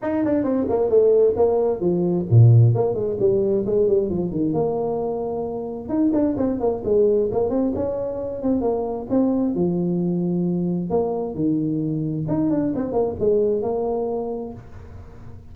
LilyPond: \new Staff \with { instrumentName = "tuba" } { \time 4/4 \tempo 4 = 132 dis'8 d'8 c'8 ais8 a4 ais4 | f4 ais,4 ais8 gis8 g4 | gis8 g8 f8 dis8 ais2~ | ais4 dis'8 d'8 c'8 ais8 gis4 |
ais8 c'8 cis'4. c'8 ais4 | c'4 f2. | ais4 dis2 dis'8 d'8 | c'8 ais8 gis4 ais2 | }